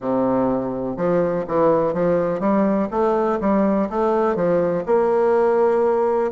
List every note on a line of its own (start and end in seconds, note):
0.00 0.97 C3
0.97 1.45 F3
1.47 1.93 E3
1.93 2.39 F3
2.39 2.88 G3
2.90 3.39 A3
3.40 3.88 G3
3.89 4.35 A3
4.35 4.84 F3
4.86 6.31 A#3